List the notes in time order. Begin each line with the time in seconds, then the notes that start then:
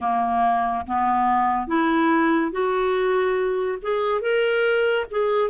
0.00 A#3
0.86 B3
1.67 E4
2.51 F#4
3.82 G#4
4.21 A#4
5.10 G#4